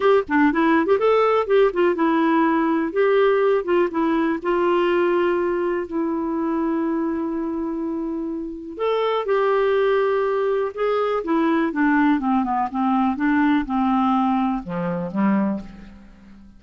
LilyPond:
\new Staff \with { instrumentName = "clarinet" } { \time 4/4 \tempo 4 = 123 g'8 d'8 e'8. g'16 a'4 g'8 f'8 | e'2 g'4. f'8 | e'4 f'2. | e'1~ |
e'2 a'4 g'4~ | g'2 gis'4 e'4 | d'4 c'8 b8 c'4 d'4 | c'2 f4 g4 | }